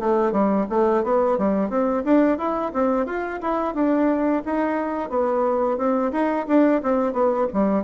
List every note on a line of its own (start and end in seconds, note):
0.00 0.32 A3
0.32 0.66 G3
0.70 1.04 A3
1.04 1.38 B3
1.39 1.70 G3
1.70 2.04 C4
2.05 2.38 D4
2.38 2.72 E4
2.73 3.07 C4
3.07 3.41 F4
3.42 3.75 E4
3.75 4.43 D4
4.46 5.10 D#4
5.10 5.78 B3
5.78 6.12 C4
6.12 6.46 D#4
6.48 6.82 D4
6.83 7.13 C4
7.13 7.47 B3
7.53 7.84 G3